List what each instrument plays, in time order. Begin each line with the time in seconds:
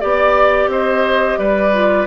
0.00 bassoon B3, clarinet G4, flute D5, oboe D5
0.67 bassoon C4, oboe C5, flute D#5
1.38 bassoon G3, oboe B4, flute D5
1.73 clarinet F4